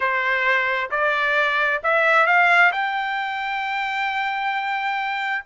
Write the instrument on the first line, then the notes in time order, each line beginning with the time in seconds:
trumpet
0.00 C5
0.90 D5
1.83 E5
2.26 F5
2.71 G5